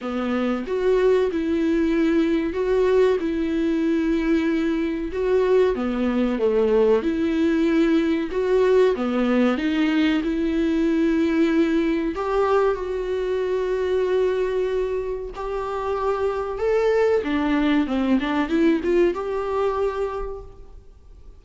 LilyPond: \new Staff \with { instrumentName = "viola" } { \time 4/4 \tempo 4 = 94 b4 fis'4 e'2 | fis'4 e'2. | fis'4 b4 a4 e'4~ | e'4 fis'4 b4 dis'4 |
e'2. g'4 | fis'1 | g'2 a'4 d'4 | c'8 d'8 e'8 f'8 g'2 | }